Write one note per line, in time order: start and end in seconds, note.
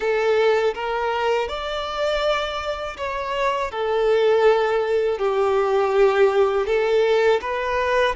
0.00 0.74 A4
0.74 1.48 A#4
1.48 2.96 D5
2.97 3.71 C#5
3.71 5.18 A4
5.18 6.66 G4
6.66 7.40 A4
7.41 8.15 B4